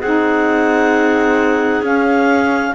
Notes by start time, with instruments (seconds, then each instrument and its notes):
0.00 cello C4, saxophone D#4, clarinet G#4 F#5
1.81 cello C#4, saxophone C#4, clarinet F5